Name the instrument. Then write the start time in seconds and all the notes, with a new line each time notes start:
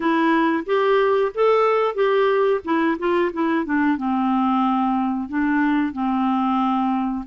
clarinet
0.00 E4
0.66 G4
1.34 A4
1.94 G4
2.64 E4
2.98 F4
3.32 E4
3.65 D4
3.97 C4
5.28 D4
5.93 C4